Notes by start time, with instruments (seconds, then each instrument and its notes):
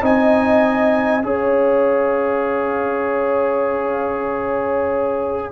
0.00 tuba C4, trombone D#4, horn D#5, trumpet G#5
1.23 tuba C#4, trombone G#4, horn C#5, trumpet F5